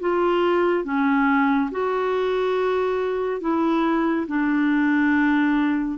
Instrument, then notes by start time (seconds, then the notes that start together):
clarinet
0.00 F4
0.85 C#4
1.71 F#4
3.41 E4
4.27 D4